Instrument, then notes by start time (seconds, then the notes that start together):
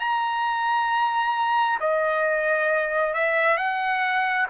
trumpet
0.00 A#5
1.81 D#5
3.14 E5
3.58 F#5